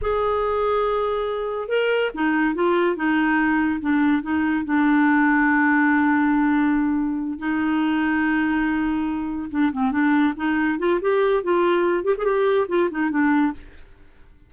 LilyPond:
\new Staff \with { instrumentName = "clarinet" } { \time 4/4 \tempo 4 = 142 gis'1 | ais'4 dis'4 f'4 dis'4~ | dis'4 d'4 dis'4 d'4~ | d'1~ |
d'4. dis'2~ dis'8~ | dis'2~ dis'8 d'8 c'8 d'8~ | d'8 dis'4 f'8 g'4 f'4~ | f'8 g'16 gis'16 g'4 f'8 dis'8 d'4 | }